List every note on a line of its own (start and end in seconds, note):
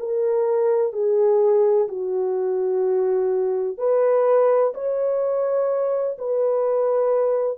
0.00 0.93 A#4
0.93 1.88 G#4
1.89 3.78 F#4
3.78 4.74 B4
4.75 6.18 C#5
6.19 7.58 B4